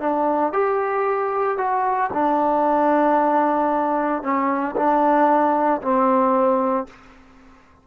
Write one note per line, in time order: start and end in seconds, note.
0.00 0.53 D4
0.53 1.57 G4
1.57 2.10 F#4
2.13 4.22 D4
4.22 4.75 C#4
4.76 5.81 D4
5.82 6.87 C4